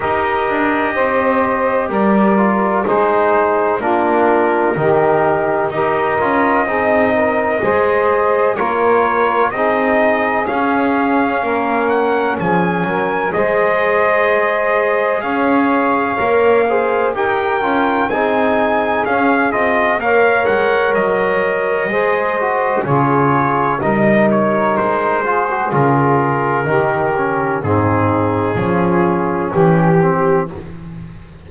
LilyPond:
<<
  \new Staff \with { instrumentName = "trumpet" } { \time 4/4 \tempo 4 = 63 dis''2 d''4 c''4 | ais'2 dis''2~ | dis''4 cis''4 dis''4 f''4~ | f''8 fis''8 gis''4 dis''2 |
f''2 g''4 gis''4 | f''8 dis''8 f''8 fis''8 dis''2 | cis''4 dis''8 cis''8 c''4 ais'4~ | ais'4 gis'2 g'4 | }
  \new Staff \with { instrumentName = "saxophone" } { \time 4/4 ais'4 c''4 ais'4 gis'4 | f'4 g'4 ais'4 gis'8 ais'8 | c''4 ais'4 gis'2 | ais'4 gis'8 ais'8 c''2 |
cis''4. c''8 ais'4 gis'4~ | gis'4 cis''2 c''4 | gis'4 ais'4. gis'4. | g'4 dis'4 f'4 g'4 | }
  \new Staff \with { instrumentName = "trombone" } { \time 4/4 g'2~ g'8 f'8 dis'4 | d'4 dis'4 g'8 f'8 dis'4 | gis'4 f'4 dis'4 cis'4~ | cis'2 gis'2~ |
gis'4 ais'8 gis'8 g'8 f'8 dis'4 | cis'8 f'8 ais'2 gis'8 fis'8 | f'4 dis'4. f'16 fis'16 f'4 | dis'8 cis'8 c'4 cis'4. c'8 | }
  \new Staff \with { instrumentName = "double bass" } { \time 4/4 dis'8 d'8 c'4 g4 gis4 | ais4 dis4 dis'8 cis'8 c'4 | gis4 ais4 c'4 cis'4 | ais4 f8 fis8 gis2 |
cis'4 ais4 dis'8 cis'8 c'4 | cis'8 c'8 ais8 gis8 fis4 gis4 | cis4 g4 gis4 cis4 | dis4 gis,4 f4 e4 | }
>>